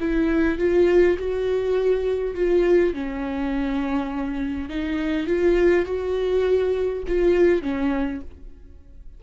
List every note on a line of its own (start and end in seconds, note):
0.00 0.59 E4
0.59 1.17 F4
1.18 2.34 F#4
2.34 2.93 F4
2.94 4.69 C#4
4.69 5.27 D#4
5.27 5.86 F4
5.86 7.03 F#4
7.07 7.62 F4
7.62 8.21 C#4